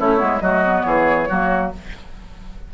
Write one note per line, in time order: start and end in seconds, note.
0.00 0.22 A3
0.00 0.17 C#4
0.00 0.43 E4
0.00 0.41 C#5
0.17 0.41 G#3
0.17 0.39 B3
0.41 0.85 F#3
0.41 0.65 A3
0.41 0.86 F#4
0.41 0.83 D#5
0.65 1.30 B3
0.83 1.29 E3
0.83 1.29 G#4
0.83 1.69 C#5
1.29 1.74 F#3
1.29 1.73 A#3
1.29 1.72 F#4